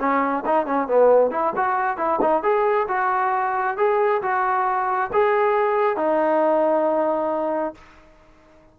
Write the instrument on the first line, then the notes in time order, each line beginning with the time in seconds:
trombone
0.00 C#4
0.46 D#4
0.66 C#4
0.88 B3
1.31 E4
1.56 F#4
1.98 E4
2.22 D#4
2.43 G#4
2.88 F#4
3.78 G#4
4.22 F#4
5.13 G#4
5.97 D#4